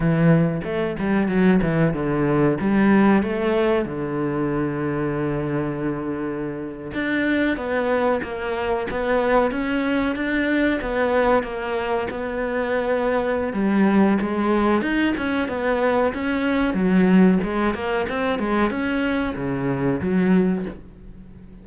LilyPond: \new Staff \with { instrumentName = "cello" } { \time 4/4 \tempo 4 = 93 e4 a8 g8 fis8 e8 d4 | g4 a4 d2~ | d2~ d8. d'4 b16~ | b8. ais4 b4 cis'4 d'16~ |
d'8. b4 ais4 b4~ b16~ | b4 g4 gis4 dis'8 cis'8 | b4 cis'4 fis4 gis8 ais8 | c'8 gis8 cis'4 cis4 fis4 | }